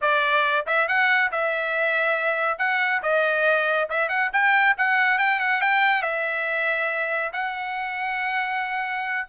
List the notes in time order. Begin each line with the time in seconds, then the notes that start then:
0.01 D5
0.66 E5
0.88 F#5
1.31 E5
2.58 F#5
3.02 D#5
3.89 E5
4.08 F#5
4.32 G5
4.77 F#5
5.18 G5
5.39 F#5
5.61 G5
6.02 E5
7.32 F#5